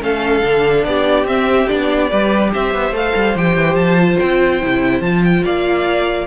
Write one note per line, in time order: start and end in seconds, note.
0.00 0.42 A3
0.00 0.42 C#4
0.00 0.87 A4
0.00 0.84 F5
0.42 0.85 D3
0.42 1.26 D4
0.84 1.24 B3
0.84 2.10 G4
0.84 1.26 D5
1.24 1.66 C4
1.24 1.68 C4
1.24 1.68 E5
1.68 2.12 B3
1.68 2.09 D4
1.68 2.52 D5
2.10 2.53 G3
2.10 2.93 G4
2.10 2.51 B4
2.53 2.74 C4
2.53 5.44 C5
2.53 2.95 E5
2.74 2.91 B3
2.91 3.12 A3
2.91 3.35 A4
2.91 3.37 F5
3.15 3.35 G3
3.35 3.56 F3
3.35 3.99 G4
3.35 3.75 G5
3.56 3.74 E3
3.74 4.16 F3
3.74 4.17 A5
3.99 4.61 F4
4.19 4.62 C4
4.19 5.01 G5
4.61 5.00 C3
4.61 5.02 E4
5.00 5.42 F3
5.00 6.27 F4
5.00 5.22 A5
5.24 5.45 G5
5.44 6.27 A#3
5.44 6.27 D5
5.44 6.27 F5